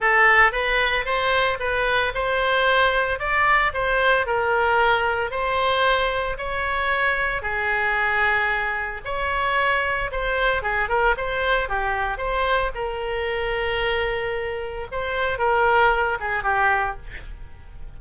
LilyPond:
\new Staff \with { instrumentName = "oboe" } { \time 4/4 \tempo 4 = 113 a'4 b'4 c''4 b'4 | c''2 d''4 c''4 | ais'2 c''2 | cis''2 gis'2~ |
gis'4 cis''2 c''4 | gis'8 ais'8 c''4 g'4 c''4 | ais'1 | c''4 ais'4. gis'8 g'4 | }